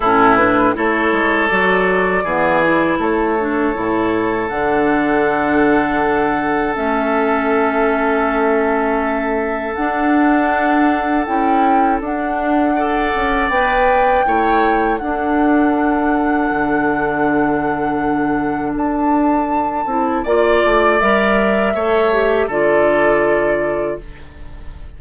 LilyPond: <<
  \new Staff \with { instrumentName = "flute" } { \time 4/4 \tempo 4 = 80 a'8 b'8 cis''4 d''2 | cis''2 fis''2~ | fis''4 e''2.~ | e''4 fis''2 g''4 |
fis''2 g''2 | fis''1~ | fis''4 a''2 d''4 | e''2 d''2 | }
  \new Staff \with { instrumentName = "oboe" } { \time 4/4 e'4 a'2 gis'4 | a'1~ | a'1~ | a'1~ |
a'4 d''2 cis''4 | a'1~ | a'2. d''4~ | d''4 cis''4 a'2 | }
  \new Staff \with { instrumentName = "clarinet" } { \time 4/4 cis'8 d'8 e'4 fis'4 b8 e'8~ | e'8 d'8 e'4 d'2~ | d'4 cis'2.~ | cis'4 d'2 e'4 |
d'4 a'4 b'4 e'4 | d'1~ | d'2~ d'8 e'8 f'4 | ais'4 a'8 g'8 f'2 | }
  \new Staff \with { instrumentName = "bassoon" } { \time 4/4 a,4 a8 gis8 fis4 e4 | a4 a,4 d2~ | d4 a2.~ | a4 d'2 cis'4 |
d'4. cis'8 b4 a4 | d'2 d2~ | d4 d'4. c'8 ais8 a8 | g4 a4 d2 | }
>>